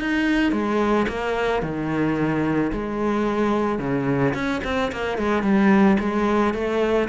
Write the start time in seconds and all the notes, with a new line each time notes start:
0.00 D#4
0.52 G#3
1.09 A#3
1.63 D#3
2.73 G#3
3.79 C#3
4.34 C#4
4.64 C4
4.92 A#3
5.18 G#3
5.43 G3
6.00 G#3
6.54 A3